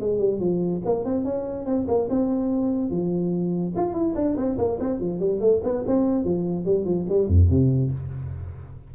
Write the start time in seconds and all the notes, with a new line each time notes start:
0.00 G#3
0.19 G3
0.40 F3
0.85 A#3
1.05 C4
1.24 C#4
1.66 C4
1.88 A#3
2.10 C4
2.91 F3
3.76 F4
3.94 E4
4.16 D4
4.37 C4
4.58 A#3
4.80 C4
5.00 F3
5.20 G3
5.41 A3
5.64 B3
5.87 C4
6.25 F3
6.65 G3
6.85 F3
7.09 G3
7.28 F2
7.50 C3